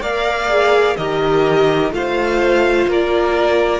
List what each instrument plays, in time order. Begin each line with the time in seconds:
0.00 cello A#3, viola A#4, violin D5 F5
0.48 viola G#4
0.96 cello D#3, viola G4, violin A#4 D#5
1.91 cello A3, viola F4, violin C5 F5
2.87 cello A#3, violin A#4 D5